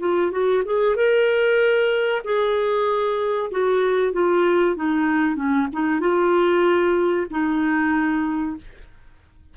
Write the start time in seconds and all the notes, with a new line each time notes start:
0.00 F4
0.32 F#4
0.65 G#4
0.96 A#4
2.24 G#4
3.51 F#4
4.13 F4
4.76 D#4
5.36 C#4
5.73 D#4
6.00 F4
7.31 D#4